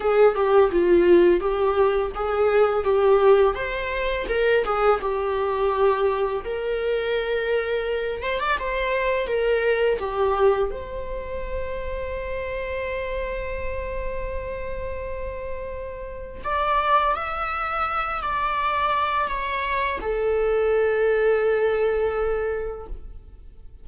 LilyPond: \new Staff \with { instrumentName = "viola" } { \time 4/4 \tempo 4 = 84 gis'8 g'8 f'4 g'4 gis'4 | g'4 c''4 ais'8 gis'8 g'4~ | g'4 ais'2~ ais'8 c''16 d''16 | c''4 ais'4 g'4 c''4~ |
c''1~ | c''2. d''4 | e''4. d''4. cis''4 | a'1 | }